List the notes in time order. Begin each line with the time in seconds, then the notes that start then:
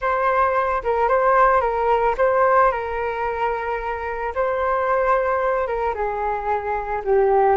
0.01 C5
0.83 A#4
1.08 C5
1.61 A#4
2.17 C5
2.71 A#4
4.34 C5
5.67 A#4
5.94 G#4
7.04 G4